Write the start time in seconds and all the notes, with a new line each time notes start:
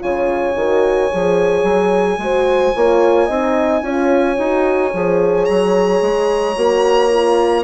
0.00 C#3 F4 C#5 G#5
0.56 D#3 F#4
1.11 F3 G#4
1.64 F#3
2.18 G#3 F#4 C5
2.76 A#3 F4 C#5
3.26 C4 D#4 D#5
3.82 C#4 F4 C#5
4.38 D#4 F#4
4.94 F3 G#4
5.45 F#3 A#5
6.02 G#3
6.57 A#3 F#4
7.10 F4